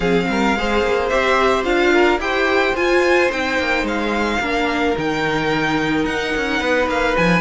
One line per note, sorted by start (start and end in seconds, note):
0.00 0.26 F3
0.00 0.55 C4
0.00 0.26 G#4
0.00 1.08 F5
0.28 0.55 G3
0.28 0.58 A#4
0.55 0.83 G#3
0.55 1.10 G#4
0.55 1.92 C5
0.83 1.10 A#3
1.09 1.64 C4
1.09 1.64 G4
1.09 1.64 E5
1.64 2.18 D4
1.64 2.19 F4
1.64 2.19 F5
1.92 2.20 A#4
2.18 2.73 E4
2.18 2.74 G4
2.18 4.40 C5
2.18 2.75 G5
2.75 3.30 F4
2.75 3.29 F4
2.75 3.31 G#5
3.29 3.58 C4
3.29 4.40 D#4
3.29 3.86 G5
3.58 3.83 A#3
3.83 4.38 G#3
3.83 4.97 F5
4.40 4.95 A#3
4.40 4.95 D4
4.40 6.60 A#4
4.95 6.04 D#3
4.95 7.41 D#4
4.95 6.05 G5
6.04 6.32 D#4
6.04 6.87 F#5
6.36 6.60 C#4
6.60 6.87 B3
6.60 7.41 B4
6.87 7.15 A#3
6.87 7.16 F5
7.16 7.41 F3
7.16 7.41 G#5